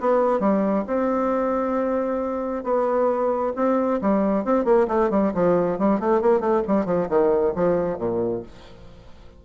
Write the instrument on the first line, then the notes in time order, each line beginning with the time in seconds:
bassoon
0.00 B3
0.40 G3
0.86 C4
2.63 B3
3.56 C4
4.01 G3
4.44 C4
4.64 A#3
4.87 A3
5.10 G3
5.34 F3
5.78 G3
5.99 A3
6.21 A#3
6.40 A3
6.67 G3
6.85 F3
7.09 D#3
7.55 F3
7.98 A#2